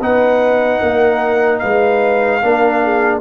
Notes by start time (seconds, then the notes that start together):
0.00 B3 D#4 B4 F#5
0.80 A#3 A#4
1.59 G#3 B4 F5
2.42 A#3 D4 A#4
2.84 G#4